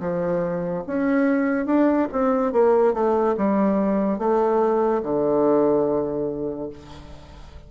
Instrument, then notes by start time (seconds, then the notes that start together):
bassoon
0.00 F3
0.86 C#4
1.66 D4
2.12 C4
2.52 A#3
2.94 A3
3.37 G3
4.18 A3
5.03 D3